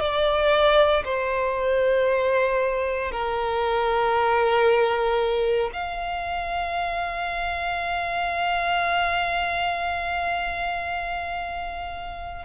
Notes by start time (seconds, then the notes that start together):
0.00 D5
1.05 C5
3.11 A#4
5.73 F5